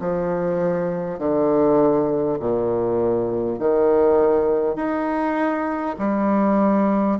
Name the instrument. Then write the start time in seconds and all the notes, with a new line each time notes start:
bassoon
0.00 F3
1.18 D3
2.39 A#2
3.59 D#3
4.76 D#4
5.98 G3